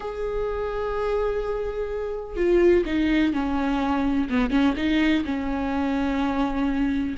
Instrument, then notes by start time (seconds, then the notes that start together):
viola
0.00 G#4
2.36 F4
2.85 D#4
3.33 C#4
4.29 B3
4.50 C#4
4.76 D#4
5.24 C#4